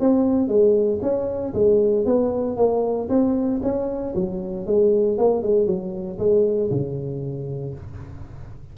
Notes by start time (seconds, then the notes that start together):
0.00 C4
0.48 G#3
1.02 C#4
1.54 G#3
2.06 B3
2.57 A#3
3.09 C4
3.63 C#4
4.15 F#3
4.67 G#3
5.18 A#3
5.43 G#3
5.67 F#3
6.19 G#3
6.71 C#3